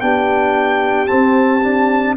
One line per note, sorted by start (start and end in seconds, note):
0.00 1.09 B3
0.00 1.06 D4
0.00 2.17 G4
0.00 1.07 G5
1.06 1.60 C4
1.06 2.17 C4
1.06 2.14 A5
1.63 2.17 D4